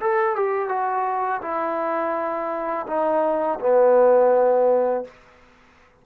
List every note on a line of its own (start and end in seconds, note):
0.00 0.36 A4
0.36 0.68 G4
0.68 1.41 F#4
1.41 2.86 E4
2.87 3.59 D#4
3.60 5.04 B3